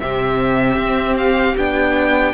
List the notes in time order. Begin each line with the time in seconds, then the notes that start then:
0.00 C3 C4 G4 E5
0.77 C4
1.18 F5
1.57 B3 D4 G5